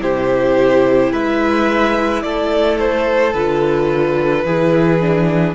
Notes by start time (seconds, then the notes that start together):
0.00 C3 E4 G4 C5
1.12 G#3 B4 E5
2.22 A3 A4 D5
2.79 C5
3.33 D3 F4 B4
4.44 E3 E4 G#4
5.01 D4